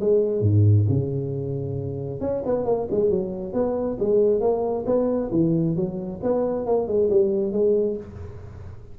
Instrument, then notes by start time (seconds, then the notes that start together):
tuba
0.00 G#3
0.41 G#2
0.88 C#3
2.20 C#4
2.45 B3
2.65 A#3
2.90 G#3
3.09 F#3
3.53 B3
3.99 G#3
4.40 A#3
4.85 B3
5.31 E3
5.76 F#3
6.22 B3
6.66 A#3
6.87 G#3
7.10 G3
7.52 G#3